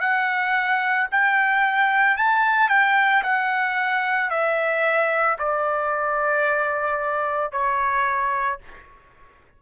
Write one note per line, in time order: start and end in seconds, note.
0.00 1.08 F#5
1.12 2.17 G5
2.17 2.69 A5
2.69 3.22 G5
3.23 4.30 F#5
4.30 5.37 E5
5.39 7.52 D5
7.52 8.59 C#5